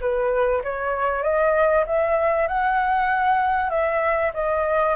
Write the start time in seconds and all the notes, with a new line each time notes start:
0.00 B4
0.64 C#5
1.22 D#5
1.86 E5
2.47 F#5
3.69 E5
4.33 D#5